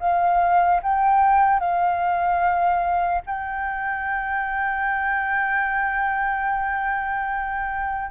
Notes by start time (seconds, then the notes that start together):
0.00 F5
0.83 G5
1.60 F5
3.27 G5